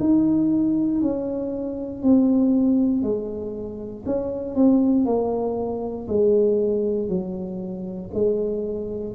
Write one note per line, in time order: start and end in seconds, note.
0.00 1.01 D#4
1.01 2.02 C#4
2.02 3.02 C4
3.02 4.04 G#3
4.06 4.55 C#4
4.55 5.05 C4
5.05 6.07 A#3
6.08 7.08 G#3
7.08 8.10 F#3
8.14 9.14 G#3